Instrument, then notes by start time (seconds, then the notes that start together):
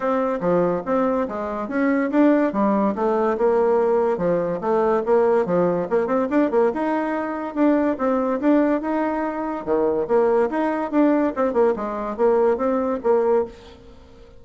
bassoon
0.00 C4
0.40 F3
0.85 C4
1.28 G#3
1.68 C#4
2.10 D4
2.52 G3
2.95 A3
3.37 A#3
4.17 F3
4.60 A3
5.05 A#3
5.45 F3
5.90 A#3
6.06 C4
6.30 D4
6.51 A#3
6.73 D#4
7.54 D4
7.97 C4
8.40 D4
8.81 D#4
9.65 D#3
10.07 A#3
10.50 D#4
10.91 D4
11.35 C4
11.53 A#3
11.76 G#3
12.16 A#3
12.57 C4
13.03 A#3